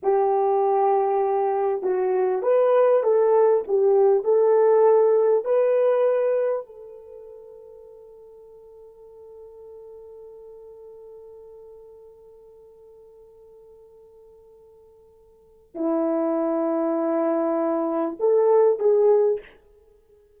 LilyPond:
\new Staff \with { instrumentName = "horn" } { \time 4/4 \tempo 4 = 99 g'2. fis'4 | b'4 a'4 g'4 a'4~ | a'4 b'2 a'4~ | a'1~ |
a'1~ | a'1~ | a'2 e'2~ | e'2 a'4 gis'4 | }